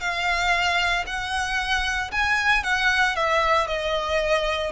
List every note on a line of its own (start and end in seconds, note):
0.00 1.04 F5
1.06 2.11 F#5
2.11 2.63 G#5
2.63 3.15 F#5
3.15 3.67 E5
3.67 4.71 D#5